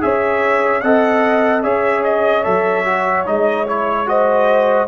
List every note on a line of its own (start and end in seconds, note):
0.00 0.83 C#4
0.00 0.81 G#4
0.00 0.82 C#5
0.00 0.81 E5
0.81 1.64 C4
0.81 1.63 A4
0.81 1.63 D#5
0.81 1.62 F#5
1.62 2.45 C#4
1.62 2.43 G#4
1.62 4.06 C#5
1.62 2.03 E5
2.03 2.44 D#5
2.43 3.27 F#3
2.43 2.84 A4
2.43 3.25 E5
2.85 3.25 F#4
3.25 4.88 G#3
3.25 3.66 D#4
3.25 3.66 D#5
3.66 4.06 E4
3.66 4.08 C#5
4.06 4.87 F#4
4.06 4.88 C5
4.06 4.88 D#5